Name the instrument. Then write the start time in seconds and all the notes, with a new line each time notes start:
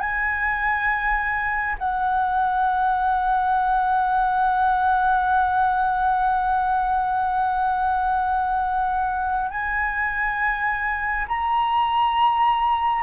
flute
0.00 G#5
1.78 F#5
9.51 G#5
11.28 A#5